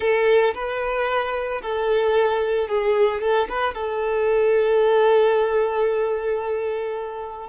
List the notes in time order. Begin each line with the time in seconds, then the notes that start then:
0.00 A4
0.54 B4
1.62 A4
2.68 G#4
3.21 A4
3.48 B4
3.74 A4